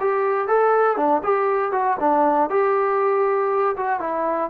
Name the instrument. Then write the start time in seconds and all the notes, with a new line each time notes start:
trombone
0.00 G4
0.48 A4
0.97 D4
1.23 G4
1.72 F#4
2.00 D4
2.50 G4
3.77 F#4
4.00 E4